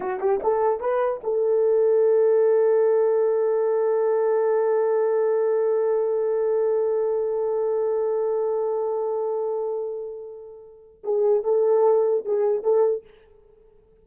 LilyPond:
\new Staff \with { instrumentName = "horn" } { \time 4/4 \tempo 4 = 147 fis'8 g'8 a'4 b'4 a'4~ | a'1~ | a'1~ | a'1~ |
a'1~ | a'1~ | a'2. gis'4 | a'2 gis'4 a'4 | }